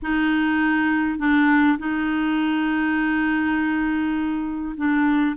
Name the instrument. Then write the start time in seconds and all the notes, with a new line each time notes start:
clarinet
0.02 D#4
1.18 D4
1.78 D#4
4.76 D4